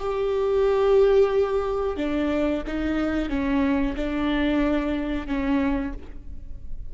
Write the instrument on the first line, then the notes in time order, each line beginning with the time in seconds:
viola
0.00 G4
1.97 D4
2.67 D#4
3.30 C#4
3.97 D4
5.27 C#4